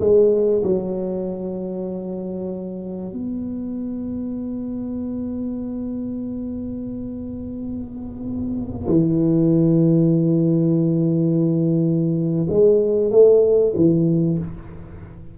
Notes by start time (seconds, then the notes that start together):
0.00 G#3
0.63 F#3
3.12 B3
8.88 E3
12.49 G#3
13.11 A3
13.76 E3